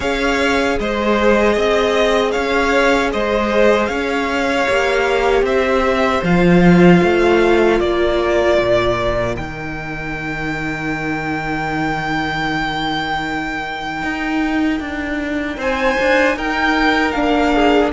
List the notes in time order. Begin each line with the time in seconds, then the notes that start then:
0.00 C#4 G#4 C#5 F5
0.79 G#3 C5 D#5
1.53 C4 D#5
2.31 C#4 C#5 F5
3.12 G#3 C5 D#5
3.86 C#4 C#5 F5
4.68 A#3 G4
5.42 C4 C5 E5
6.22 F3 F4 F5
7.02 A3
7.79 A#3 A#4 D5
8.58 A#2
9.34 D#3 D#4 G5
14.02 D#4
14.80 D4
15.57 C4 C5 G#5
16.00 D4
16.36 D#4 A#4 G5
17.11 A#3 D4 F5
17.53 G#4